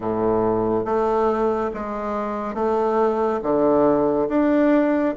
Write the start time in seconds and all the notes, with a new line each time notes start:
0.00 A2
0.85 A3
1.73 G#3
2.54 A3
3.42 D3
4.29 D4